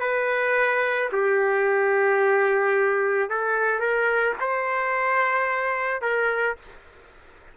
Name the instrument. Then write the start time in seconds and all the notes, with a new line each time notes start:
trumpet
0.00 B4
1.12 G4
3.30 A4
3.79 A#4
4.40 C5
6.01 A#4